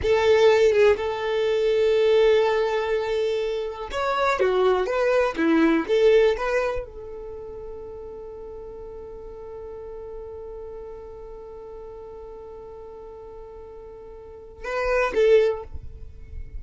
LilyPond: \new Staff \with { instrumentName = "violin" } { \time 4/4 \tempo 4 = 123 a'4. gis'8 a'2~ | a'1 | cis''4 fis'4 b'4 e'4 | a'4 b'4 a'2~ |
a'1~ | a'1~ | a'1~ | a'2 b'4 a'4 | }